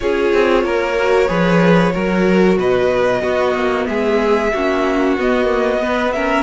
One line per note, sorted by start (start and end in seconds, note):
0.00 0.33 C#4
0.00 0.97 F4
0.00 0.64 G#4
0.00 2.57 C#5
0.33 0.64 C4
0.64 1.28 A#3
0.64 1.28 A#4
0.99 1.27 F#4
1.27 1.94 F3
1.27 1.92 G#4
1.27 1.92 B4
1.92 2.58 F#3
1.92 3.22 F#4
1.92 2.58 A#4
2.58 3.22 B2
2.58 3.22 B4
2.58 3.87 D#5
3.22 3.54 B3
3.22 4.51 B3
3.22 3.86 F#4
3.54 3.86 A#3
3.87 4.52 G#3
3.87 4.53 G#4
3.87 5.16 E5
4.53 5.17 A#3
4.53 5.19 C#4
4.53 5.81 F#4
5.17 6.42 B3
5.17 5.44 B3
5.17 6.12 D#5
5.44 5.76 A#3
5.80 6.12 B3
5.80 6.13 B4
6.12 6.42 C#4
6.12 6.42 A#4
6.12 6.42 E5